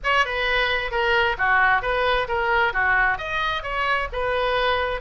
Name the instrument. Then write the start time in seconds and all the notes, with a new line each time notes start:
oboe
0.03 C#5
0.25 B4
0.91 A#4
1.38 F#4
1.82 B4
2.28 A#4
2.73 F#4
3.18 D#5
3.62 C#5
4.12 B4